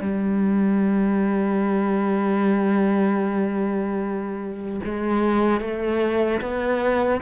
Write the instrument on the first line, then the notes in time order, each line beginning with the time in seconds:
cello
0.00 G3
4.84 G#3
5.60 A3
6.41 B3